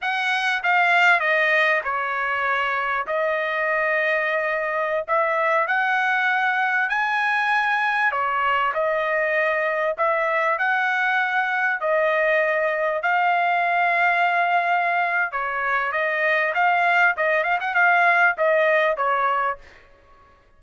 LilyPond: \new Staff \with { instrumentName = "trumpet" } { \time 4/4 \tempo 4 = 98 fis''4 f''4 dis''4 cis''4~ | cis''4 dis''2.~ | dis''16 e''4 fis''2 gis''8.~ | gis''4~ gis''16 cis''4 dis''4.~ dis''16~ |
dis''16 e''4 fis''2 dis''8.~ | dis''4~ dis''16 f''2~ f''8.~ | f''4 cis''4 dis''4 f''4 | dis''8 f''16 fis''16 f''4 dis''4 cis''4 | }